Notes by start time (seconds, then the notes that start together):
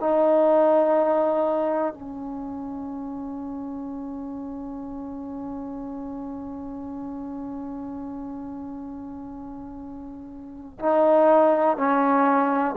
0.00 D#4
1.94 C#4
10.80 D#4
11.77 C#4